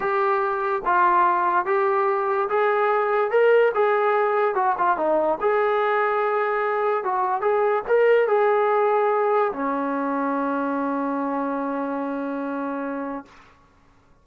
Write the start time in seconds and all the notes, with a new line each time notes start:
0.00 G4
0.85 F4
1.65 G4
2.49 G#4
3.30 A#4
3.74 G#4
4.55 F#4
4.78 F4
4.97 D#4
5.41 G#4
7.04 F#4
7.41 G#4
7.88 A#4
8.27 G#4
9.52 C#4